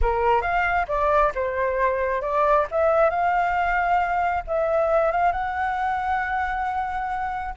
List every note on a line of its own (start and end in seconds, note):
0.01 0.41 A#4
0.41 0.86 F5
0.88 1.32 D5
1.35 2.21 C5
2.21 2.66 D5
2.71 3.09 E5
3.09 4.43 F5
4.47 5.11 E5
5.11 5.32 F5
5.32 7.54 F#5